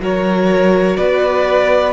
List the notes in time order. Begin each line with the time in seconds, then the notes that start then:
0.00 F#3 F#4 A#4 C#5
0.97 B3 B4 D5